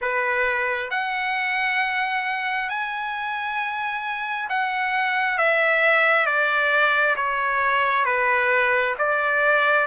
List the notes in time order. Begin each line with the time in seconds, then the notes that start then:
0.01 B4
0.90 F#5
2.69 G#5
4.49 F#5
5.37 E5
6.26 D5
7.16 C#5
8.05 B4
8.98 D5